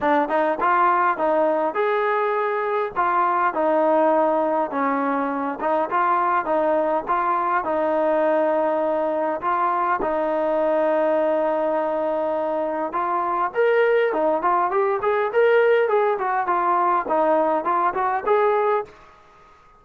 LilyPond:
\new Staff \with { instrumentName = "trombone" } { \time 4/4 \tempo 4 = 102 d'8 dis'8 f'4 dis'4 gis'4~ | gis'4 f'4 dis'2 | cis'4. dis'8 f'4 dis'4 | f'4 dis'2. |
f'4 dis'2.~ | dis'2 f'4 ais'4 | dis'8 f'8 g'8 gis'8 ais'4 gis'8 fis'8 | f'4 dis'4 f'8 fis'8 gis'4 | }